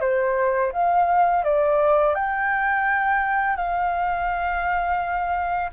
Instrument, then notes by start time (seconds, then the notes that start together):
flute
0.00 C5
0.72 F5
1.44 D5
2.14 G5
3.56 F5